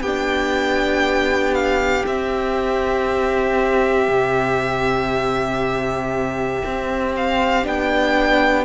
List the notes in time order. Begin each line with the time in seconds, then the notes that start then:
0.00 B3 D4 G4 G5
1.54 F5
2.06 C4 E5
4.08 C3
6.65 C4
7.15 F5
7.63 B3 D4 G5